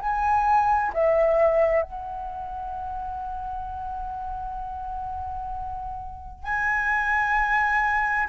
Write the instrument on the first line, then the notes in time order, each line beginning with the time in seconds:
flute
0.00 G#5
0.94 E5
1.82 F#5
6.44 G#5